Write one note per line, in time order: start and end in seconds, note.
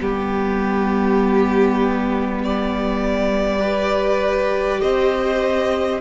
0.00 4.81 G3
0.00 3.60 B3
0.00 3.60 G4
0.00 2.41 G4
2.44 4.81 D5
3.60 6.00 G4
3.60 4.80 B4
4.81 6.00 C4
4.81 6.00 C5
4.81 6.00 D#5